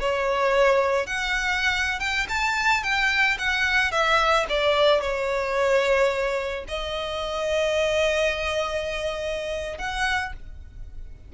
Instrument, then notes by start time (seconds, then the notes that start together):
violin
0.00 C#5
1.06 F#5
1.99 G5
2.29 A5
2.83 G5
3.38 F#5
3.91 E5
4.49 D5
5.01 C#5
6.68 D#5
9.78 F#5